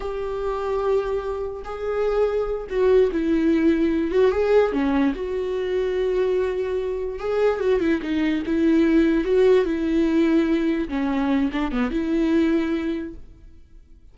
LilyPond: \new Staff \with { instrumentName = "viola" } { \time 4/4 \tempo 4 = 146 g'1 | gis'2~ gis'8 fis'4 e'8~ | e'2 fis'8 gis'4 cis'8~ | cis'8 fis'2.~ fis'8~ |
fis'4. gis'4 fis'8 e'8 dis'8~ | dis'8 e'2 fis'4 e'8~ | e'2~ e'8 cis'4. | d'8 b8 e'2. | }